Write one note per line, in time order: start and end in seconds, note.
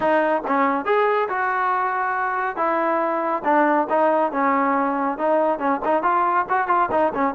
0.00 0.42 D#4
0.47 0.85 C#4
0.85 1.28 G#4
1.28 2.56 F#4
2.56 3.42 E4
3.44 3.87 D4
3.89 4.32 D#4
4.32 5.17 C#4
5.17 5.58 D#4
5.58 5.80 C#4
5.84 6.02 D#4
6.02 6.45 F4
6.49 6.67 F#4
6.67 6.89 F4
6.91 7.12 D#4
7.14 7.34 C#4